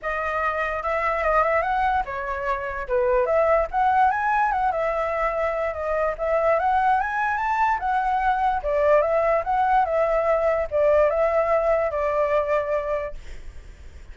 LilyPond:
\new Staff \with { instrumentName = "flute" } { \time 4/4 \tempo 4 = 146 dis''2 e''4 dis''8 e''8 | fis''4 cis''2 b'4 | e''4 fis''4 gis''4 fis''8 e''8~ | e''2 dis''4 e''4 |
fis''4 gis''4 a''4 fis''4~ | fis''4 d''4 e''4 fis''4 | e''2 d''4 e''4~ | e''4 d''2. | }